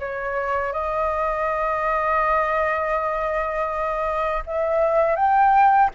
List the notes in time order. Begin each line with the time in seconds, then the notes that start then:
0.00 C#5
0.73 D#5
4.46 E5
5.16 G5